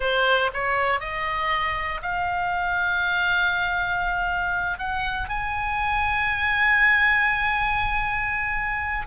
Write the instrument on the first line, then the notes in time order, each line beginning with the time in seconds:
oboe
0.00 C5
0.53 C#5
1.00 D#5
2.02 F5
4.78 F#5
5.28 G#5